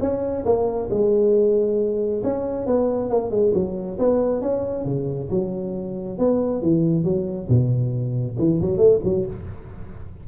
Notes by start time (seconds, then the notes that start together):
0.00 C#4
0.45 A#3
0.90 G#3
2.23 C#4
2.66 B3
3.10 A#3
3.30 G#3
3.54 F#3
3.99 B3
4.41 C#4
4.85 C#3
5.30 F#3
6.18 B3
6.62 E3
7.04 F#3
7.48 B2
8.38 E3
8.61 F#3
8.77 A3
9.04 F#3